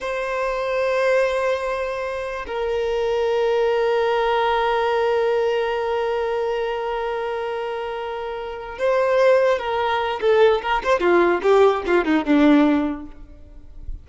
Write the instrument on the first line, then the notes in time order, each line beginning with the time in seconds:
violin
0.00 C5
2.47 A#4
8.78 C5
9.58 A#4
10.20 A4
10.61 A#4
10.83 C5
11.00 F4
11.42 G4
11.86 F4
12.04 D#4
12.24 D4